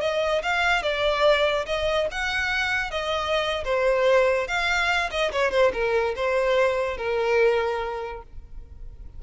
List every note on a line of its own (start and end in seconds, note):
0.00 0.42 D#5
0.42 0.82 F5
0.82 1.65 D5
1.66 2.07 D#5
2.11 2.91 F#5
2.91 3.63 D#5
3.64 4.47 C5
4.47 5.10 F5
5.10 5.31 D#5
5.32 5.51 C#5
5.51 5.72 C5
5.73 6.14 A#4
6.15 6.97 C5
6.97 8.22 A#4